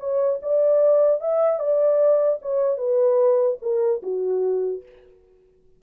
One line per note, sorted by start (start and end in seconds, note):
0.00 0.40 C#5
0.43 1.21 D5
1.21 1.60 E5
1.60 2.40 D5
2.42 2.78 C#5
2.78 3.58 B4
3.62 4.02 A#4
4.03 4.83 F#4